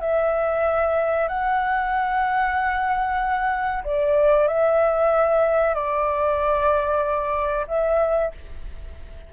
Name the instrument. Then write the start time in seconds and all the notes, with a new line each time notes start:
flute
0.00 E5
1.28 F#5
3.84 D5
4.47 E5
5.74 D5
7.67 E5